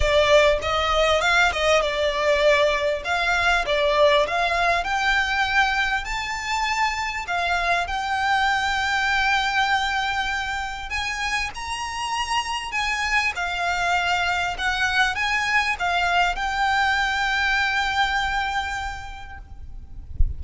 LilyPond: \new Staff \with { instrumentName = "violin" } { \time 4/4 \tempo 4 = 99 d''4 dis''4 f''8 dis''8 d''4~ | d''4 f''4 d''4 f''4 | g''2 a''2 | f''4 g''2.~ |
g''2 gis''4 ais''4~ | ais''4 gis''4 f''2 | fis''4 gis''4 f''4 g''4~ | g''1 | }